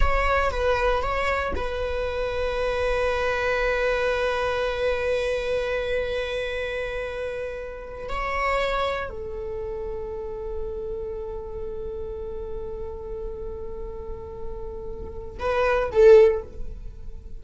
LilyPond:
\new Staff \with { instrumentName = "viola" } { \time 4/4 \tempo 4 = 117 cis''4 b'4 cis''4 b'4~ | b'1~ | b'1~ | b'2.~ b'8. cis''16~ |
cis''4.~ cis''16 a'2~ a'16~ | a'1~ | a'1~ | a'2 b'4 a'4 | }